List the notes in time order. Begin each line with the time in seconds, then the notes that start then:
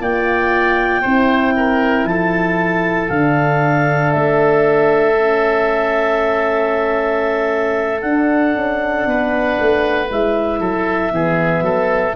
0.00 A#3 F4 D5 G5
1.01 C4 E4 C5
1.56 A#4
2.04 F3 A4 A5
3.09 D3 D4 F5
4.11 A3 E5
5.18 C#4
8.01 D4 F#5
8.55 C#4
9.06 B3 B4
9.60 A3
10.10 G#3 E4 E5
10.59 F#3 A4
11.11 E3 B3 G#4
11.61 F#3 A4